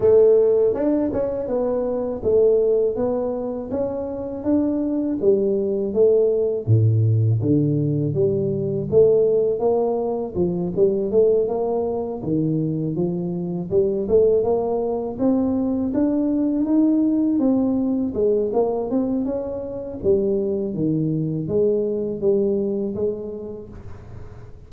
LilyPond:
\new Staff \with { instrumentName = "tuba" } { \time 4/4 \tempo 4 = 81 a4 d'8 cis'8 b4 a4 | b4 cis'4 d'4 g4 | a4 a,4 d4 g4 | a4 ais4 f8 g8 a8 ais8~ |
ais8 dis4 f4 g8 a8 ais8~ | ais8 c'4 d'4 dis'4 c'8~ | c'8 gis8 ais8 c'8 cis'4 g4 | dis4 gis4 g4 gis4 | }